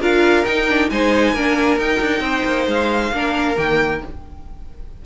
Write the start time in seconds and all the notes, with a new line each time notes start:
0.00 D4 F4 A#4 F5
0.45 D#4 G5
0.68 D4
0.90 G#3 D#4 C5 G#5
1.33 A#3 D4 A#4
1.78 D#4 G5
2.00 D4
2.20 C4 C5
2.45 A#3
2.67 G#3 F5
3.11 A#3 D4 A#4
3.56 D#3 A#3 G5